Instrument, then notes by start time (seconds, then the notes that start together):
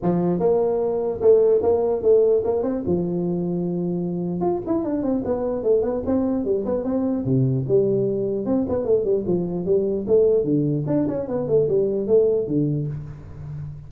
tuba
0.02 F3
0.39 A#3
1.21 A3
1.62 A#3
2.02 A3
2.44 A#3
2.62 C4
2.86 F3
4.40 F4
4.66 E4
4.84 D4
5.02 C4
5.24 B3
5.63 A3
5.82 B3
6.06 C4
6.44 G3
6.65 B3
6.84 C4
7.24 C3
7.68 G3
8.45 C4
8.69 B3
8.85 A3
9.04 G3
9.26 F3
9.65 G3
10.07 A3
10.44 D3
10.86 D4
11.08 C#4
11.28 B3
11.48 A3
11.68 G3
12.07 A3
12.47 D3